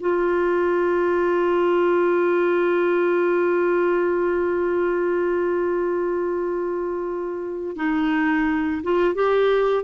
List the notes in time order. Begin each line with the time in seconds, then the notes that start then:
0.00 F4
7.76 D#4
8.83 F4
9.14 G4